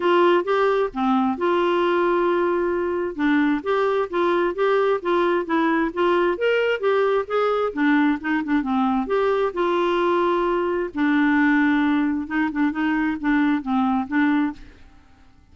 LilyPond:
\new Staff \with { instrumentName = "clarinet" } { \time 4/4 \tempo 4 = 132 f'4 g'4 c'4 f'4~ | f'2. d'4 | g'4 f'4 g'4 f'4 | e'4 f'4 ais'4 g'4 |
gis'4 d'4 dis'8 d'8 c'4 | g'4 f'2. | d'2. dis'8 d'8 | dis'4 d'4 c'4 d'4 | }